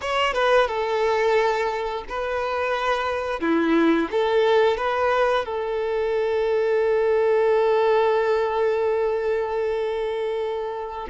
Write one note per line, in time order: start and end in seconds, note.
0.01 0.33 C#5
0.33 0.67 B4
0.67 2.03 A4
2.08 3.40 B4
3.40 4.08 E4
4.11 4.77 A4
4.77 5.45 B4
5.45 11.07 A4